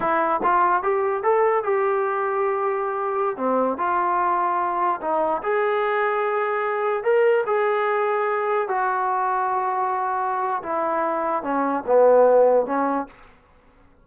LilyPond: \new Staff \with { instrumentName = "trombone" } { \time 4/4 \tempo 4 = 147 e'4 f'4 g'4 a'4 | g'1~ | g'16 c'4 f'2~ f'8.~ | f'16 dis'4 gis'2~ gis'8.~ |
gis'4~ gis'16 ais'4 gis'4.~ gis'16~ | gis'4~ gis'16 fis'2~ fis'8.~ | fis'2 e'2 | cis'4 b2 cis'4 | }